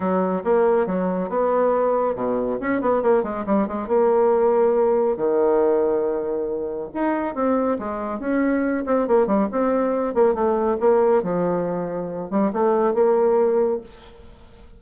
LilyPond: \new Staff \with { instrumentName = "bassoon" } { \time 4/4 \tempo 4 = 139 fis4 ais4 fis4 b4~ | b4 b,4 cis'8 b8 ais8 gis8 | g8 gis8 ais2. | dis1 |
dis'4 c'4 gis4 cis'4~ | cis'8 c'8 ais8 g8 c'4. ais8 | a4 ais4 f2~ | f8 g8 a4 ais2 | }